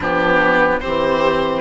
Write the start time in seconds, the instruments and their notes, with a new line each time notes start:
0.00 bassoon F3, cello B3, viola D4, oboe G4
0.80 bassoon E3, cello C4, viola G4, oboe C5